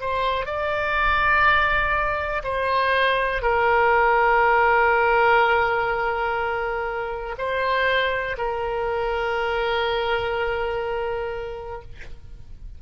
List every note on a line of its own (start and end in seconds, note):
0.00 0.46 C5
0.46 2.42 D5
2.44 3.42 C5
3.42 7.35 A#4
7.38 8.36 C5
8.38 11.82 A#4